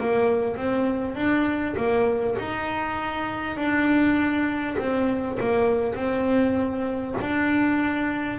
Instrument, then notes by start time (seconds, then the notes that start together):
double bass
0.00 A#3
0.56 C4
1.15 D4
1.76 A#3
2.38 D#4
3.57 D4
4.78 C4
5.40 A#3
5.95 C4
7.21 D4